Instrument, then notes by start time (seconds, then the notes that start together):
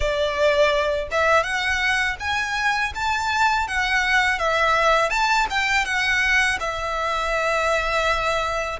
violin
0.00 D5
1.11 E5
1.43 F#5
2.20 G#5
2.95 A5
3.67 F#5
4.38 E5
5.10 A5
5.49 G5
5.85 F#5
6.60 E5